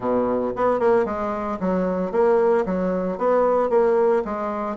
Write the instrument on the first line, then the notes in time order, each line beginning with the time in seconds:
bassoon
0.00 B2
0.56 B3
0.79 A#3
1.05 G#3
1.60 F#3
2.11 A#3
2.65 F#3
3.18 B3
3.69 A#3
4.24 G#3